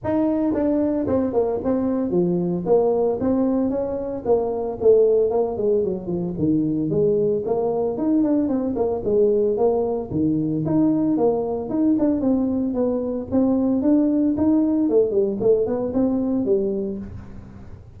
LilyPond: \new Staff \with { instrumentName = "tuba" } { \time 4/4 \tempo 4 = 113 dis'4 d'4 c'8 ais8 c'4 | f4 ais4 c'4 cis'4 | ais4 a4 ais8 gis8 fis8 f8 | dis4 gis4 ais4 dis'8 d'8 |
c'8 ais8 gis4 ais4 dis4 | dis'4 ais4 dis'8 d'8 c'4 | b4 c'4 d'4 dis'4 | a8 g8 a8 b8 c'4 g4 | }